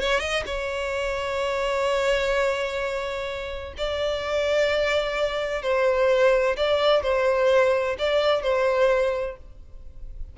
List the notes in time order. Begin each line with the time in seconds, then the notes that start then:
0.00 C#5
0.20 D#5
0.46 C#5
3.77 D5
5.62 C5
6.56 D5
7.03 C5
7.98 D5
8.42 C5